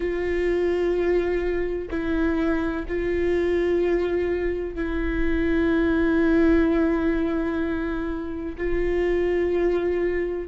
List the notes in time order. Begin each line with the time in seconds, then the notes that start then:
0.00 F4
1.90 E4
2.87 F4
4.74 E4
8.57 F4